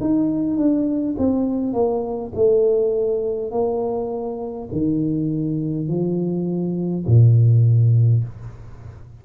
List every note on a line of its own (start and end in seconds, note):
0.00 0.57 D#4
0.57 1.16 D4
1.18 1.73 C4
1.73 2.32 A#3
2.35 3.51 A3
3.51 4.68 A#3
4.72 5.88 D#3
5.88 7.05 F3
7.06 8.24 A#2